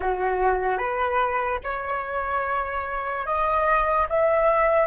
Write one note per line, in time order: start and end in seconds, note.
0.00 0.78 F#4
0.78 1.59 B4
1.63 3.25 C#5
3.25 4.07 D#5
4.09 4.86 E5